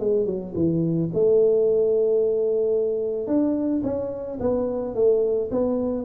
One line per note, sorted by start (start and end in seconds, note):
0.00 0.26 G#3
0.26 0.54 F#3
0.55 1.10 E3
1.14 3.28 A3
3.28 3.83 D4
3.84 4.39 C#4
4.40 4.95 B3
4.95 5.50 A3
5.51 6.05 B3